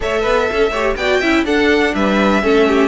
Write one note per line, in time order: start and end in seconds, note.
0.00 0.25 A3
0.00 0.71 A4
0.00 0.21 C#5
0.00 0.96 E5
0.21 0.49 B3
0.21 0.45 B4
0.49 0.70 C#4
0.49 0.71 A4
0.70 0.95 A3
0.70 0.97 G4
0.70 0.95 C#5
0.96 1.20 B3
0.96 1.22 F#4
0.96 1.20 D5
0.96 1.44 G5
1.20 1.44 C#4
1.20 1.46 E4
1.20 1.44 E5
1.44 1.92 D4
1.44 2.42 D4
1.44 1.94 A4
1.44 1.94 F#5
1.94 2.42 G3
1.94 2.42 B4
1.94 2.88 E5
2.42 2.88 A3
2.42 2.88 C#4
2.42 2.68 A4
2.68 2.88 G4